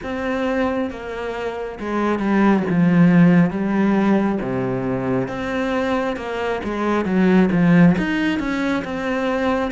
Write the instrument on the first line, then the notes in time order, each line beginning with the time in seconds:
cello
0.03 C4
0.90 A#3
1.79 G#3
2.19 G3
2.69 F3
3.50 G3
4.41 C3
5.28 C4
6.16 A#3
6.64 G#3
7.05 F#3
7.51 F3
7.97 D#4
8.39 C#4
8.84 C4